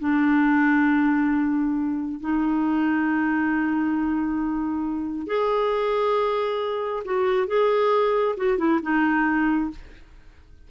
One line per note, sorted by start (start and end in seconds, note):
0.00 2.20 D4
2.20 5.27 D#4
5.27 7.03 G#4
7.05 7.47 F#4
7.47 8.36 G#4
8.37 8.58 F#4
8.58 8.80 E4
8.82 9.71 D#4